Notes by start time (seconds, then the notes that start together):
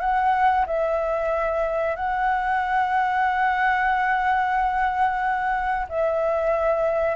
0.00 F#5
0.67 E5
1.96 F#5
5.89 E5